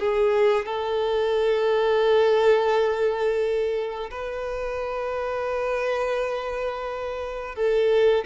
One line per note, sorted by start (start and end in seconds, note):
0.00 0.66 G#4
0.66 4.11 A4
4.11 7.56 B4
7.56 8.25 A4